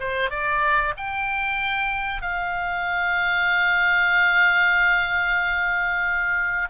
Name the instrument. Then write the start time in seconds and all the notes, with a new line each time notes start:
oboe
0.00 C5
0.30 D5
0.97 G5
2.22 F5